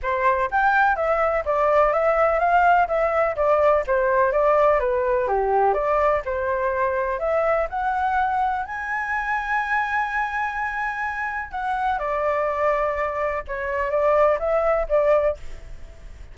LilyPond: \new Staff \with { instrumentName = "flute" } { \time 4/4 \tempo 4 = 125 c''4 g''4 e''4 d''4 | e''4 f''4 e''4 d''4 | c''4 d''4 b'4 g'4 | d''4 c''2 e''4 |
fis''2 gis''2~ | gis''1 | fis''4 d''2. | cis''4 d''4 e''4 d''4 | }